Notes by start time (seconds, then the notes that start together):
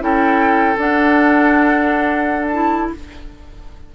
0.00 C#4 E4 A4 G5
0.77 D4 F#5
2.48 E4 A5